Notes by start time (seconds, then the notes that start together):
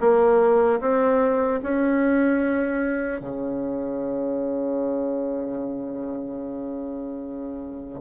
0.00 A#3
0.80 C4
1.63 C#4
3.21 C#3